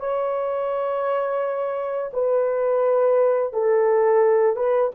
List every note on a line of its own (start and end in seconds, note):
0.00 2.12 C#5
2.13 3.53 B4
3.53 4.56 A4
4.56 4.92 B4